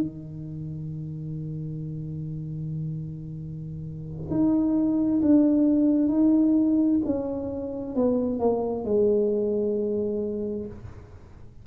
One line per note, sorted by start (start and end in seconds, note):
0.00 4.31 D#3
4.31 5.22 D#4
5.22 6.09 D4
6.09 7.00 D#4
7.05 7.96 C#4
7.96 8.40 B3
8.40 8.85 A#3
8.85 10.67 G#3